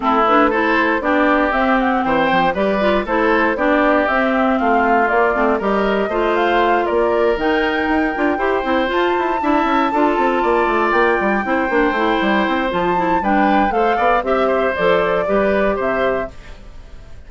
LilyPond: <<
  \new Staff \with { instrumentName = "flute" } { \time 4/4 \tempo 4 = 118 a'8 b'8 c''4 d''4 e''8 fis''8 | g''4 d''4 c''4 d''4 | e''4 f''4 d''4 dis''4~ | dis''8 f''4 d''4 g''4.~ |
g''4. a''2~ a''8~ | a''4. g''2~ g''8~ | g''4 a''4 g''4 f''4 | e''4 d''2 e''4 | }
  \new Staff \with { instrumentName = "oboe" } { \time 4/4 e'4 a'4 g'2 | c''4 b'4 a'4 g'4~ | g'4 f'2 ais'4 | c''4. ais'2~ ais'8~ |
ais'8 c''2 e''4 a'8~ | a'8 d''2 c''4.~ | c''2 b'4 c''8 d''8 | e''8 c''4. b'4 c''4 | }
  \new Staff \with { instrumentName = "clarinet" } { \time 4/4 c'8 d'8 e'4 d'4 c'4~ | c'4 g'8 f'8 e'4 d'4 | c'2 ais8 c'8 g'4 | f'2~ f'8 dis'4. |
f'8 g'8 e'8 f'4 e'4 f'8~ | f'2~ f'8 e'8 d'8 e'8~ | e'4 f'8 e'8 d'4 a'4 | g'4 a'4 g'2 | }
  \new Staff \with { instrumentName = "bassoon" } { \time 4/4 a2 b4 c'4 | e8 f8 g4 a4 b4 | c'4 a4 ais8 a8 g4 | a4. ais4 dis4 dis'8 |
d'8 e'8 c'8 f'8 e'8 d'8 cis'8 d'8 | c'8 ais8 a8 ais8 g8 c'8 ais8 a8 | g8 c'8 f4 g4 a8 b8 | c'4 f4 g4 c4 | }
>>